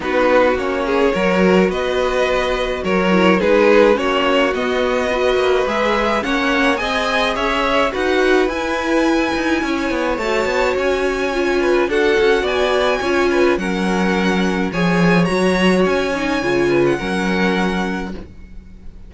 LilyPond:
<<
  \new Staff \with { instrumentName = "violin" } { \time 4/4 \tempo 4 = 106 b'4 cis''2 dis''4~ | dis''4 cis''4 b'4 cis''4 | dis''2 e''4 fis''4 | gis''4 e''4 fis''4 gis''4~ |
gis''2 a''4 gis''4~ | gis''4 fis''4 gis''2 | fis''2 gis''4 ais''4 | gis''4.~ gis''16 fis''2~ fis''16 | }
  \new Staff \with { instrumentName = "violin" } { \time 4/4 fis'4. gis'8 ais'4 b'4~ | b'4 ais'4 gis'4 fis'4~ | fis'4 b'2 cis''4 | dis''4 cis''4 b'2~ |
b'4 cis''2.~ | cis''8 b'8 a'4 d''4 cis''8 b'8 | ais'2 cis''2~ | cis''4. b'8 ais'2 | }
  \new Staff \with { instrumentName = "viola" } { \time 4/4 dis'4 cis'4 fis'2~ | fis'4. e'8 dis'4 cis'4 | b4 fis'4 gis'4 cis'4 | gis'2 fis'4 e'4~ |
e'2 fis'2 | f'4 fis'2 f'4 | cis'2 gis'4 fis'4~ | fis'8 dis'8 f'4 cis'2 | }
  \new Staff \with { instrumentName = "cello" } { \time 4/4 b4 ais4 fis4 b4~ | b4 fis4 gis4 ais4 | b4. ais8 gis4 ais4 | c'4 cis'4 dis'4 e'4~ |
e'8 dis'8 cis'8 b8 a8 b8 cis'4~ | cis'4 d'8 cis'8 b4 cis'4 | fis2 f4 fis4 | cis'4 cis4 fis2 | }
>>